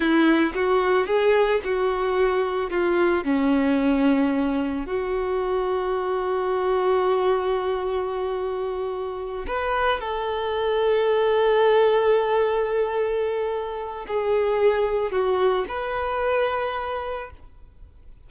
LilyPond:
\new Staff \with { instrumentName = "violin" } { \time 4/4 \tempo 4 = 111 e'4 fis'4 gis'4 fis'4~ | fis'4 f'4 cis'2~ | cis'4 fis'2.~ | fis'1~ |
fis'4. b'4 a'4.~ | a'1~ | a'2 gis'2 | fis'4 b'2. | }